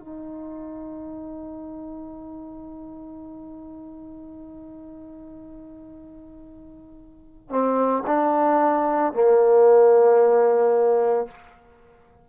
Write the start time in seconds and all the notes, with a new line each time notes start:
0.00 D#4
7.50 C4
8.07 D4
9.14 A#3